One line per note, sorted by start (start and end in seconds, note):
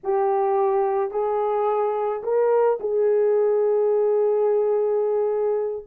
0.03 1.11 G4
1.11 2.22 G#4
2.23 2.78 A#4
2.80 5.85 G#4